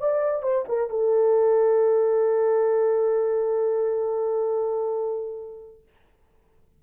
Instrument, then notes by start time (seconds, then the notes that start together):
horn
0.00 D5
0.43 C5
0.69 A#4
0.90 A4